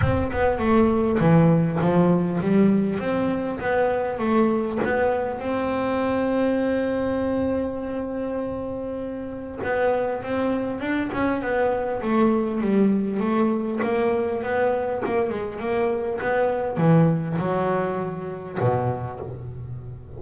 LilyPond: \new Staff \with { instrumentName = "double bass" } { \time 4/4 \tempo 4 = 100 c'8 b8 a4 e4 f4 | g4 c'4 b4 a4 | b4 c'2.~ | c'1 |
b4 c'4 d'8 cis'8 b4 | a4 g4 a4 ais4 | b4 ais8 gis8 ais4 b4 | e4 fis2 b,4 | }